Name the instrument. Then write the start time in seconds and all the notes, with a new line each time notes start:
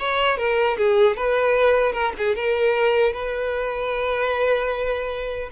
violin
0.00 C#5
0.38 A#4
0.78 G#4
1.17 B4
1.93 A#4
2.18 G#4
2.36 A#4
3.14 B4